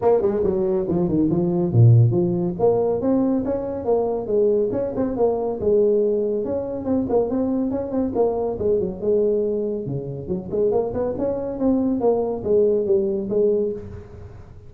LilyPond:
\new Staff \with { instrumentName = "tuba" } { \time 4/4 \tempo 4 = 140 ais8 gis8 fis4 f8 dis8 f4 | ais,4 f4 ais4 c'4 | cis'4 ais4 gis4 cis'8 c'8 | ais4 gis2 cis'4 |
c'8 ais8 c'4 cis'8 c'8 ais4 | gis8 fis8 gis2 cis4 | fis8 gis8 ais8 b8 cis'4 c'4 | ais4 gis4 g4 gis4 | }